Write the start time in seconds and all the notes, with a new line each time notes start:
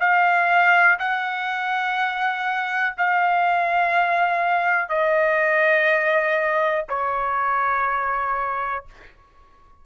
0.00 F5
0.99 F#5
2.98 F5
4.89 D#5
6.89 C#5